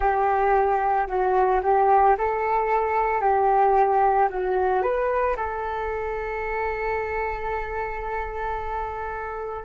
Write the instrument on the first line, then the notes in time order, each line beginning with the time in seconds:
flute
0.00 G4
1.07 F#4
1.62 G4
2.18 A4
3.21 G4
4.29 F#4
4.82 B4
5.36 A4